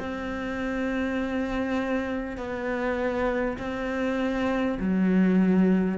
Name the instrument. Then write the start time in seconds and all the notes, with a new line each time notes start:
cello
0.00 C4
2.38 B3
3.58 C4
4.80 F#3